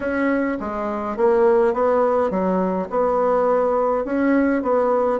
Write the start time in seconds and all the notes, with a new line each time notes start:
0.00 C#4
0.60 G#3
1.16 A#3
1.73 B3
2.30 F#3
2.90 B3
4.04 C#4
4.62 B3